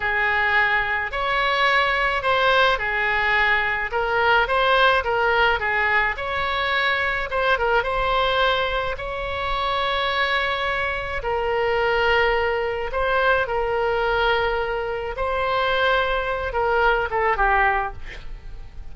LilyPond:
\new Staff \with { instrumentName = "oboe" } { \time 4/4 \tempo 4 = 107 gis'2 cis''2 | c''4 gis'2 ais'4 | c''4 ais'4 gis'4 cis''4~ | cis''4 c''8 ais'8 c''2 |
cis''1 | ais'2. c''4 | ais'2. c''4~ | c''4. ais'4 a'8 g'4 | }